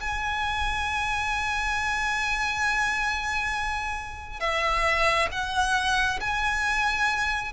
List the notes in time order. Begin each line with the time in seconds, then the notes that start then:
0.00 G#5
4.40 E5
5.31 F#5
6.20 G#5